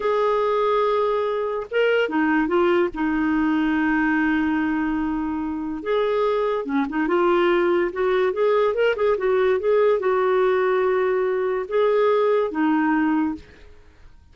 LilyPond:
\new Staff \with { instrumentName = "clarinet" } { \time 4/4 \tempo 4 = 144 gis'1 | ais'4 dis'4 f'4 dis'4~ | dis'1~ | dis'2 gis'2 |
cis'8 dis'8 f'2 fis'4 | gis'4 ais'8 gis'8 fis'4 gis'4 | fis'1 | gis'2 dis'2 | }